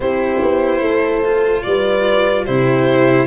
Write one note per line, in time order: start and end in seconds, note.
0.00 0.39 C4
0.00 1.24 E4
0.00 0.83 G4
0.00 1.62 C5
0.41 0.80 B3
0.80 1.63 A3
0.80 1.65 A4
1.24 2.46 F4
1.62 2.48 G3
1.62 2.44 B4
1.62 2.44 D5
2.44 3.27 C3
2.44 3.27 E4
2.44 3.27 G4
2.44 3.27 C5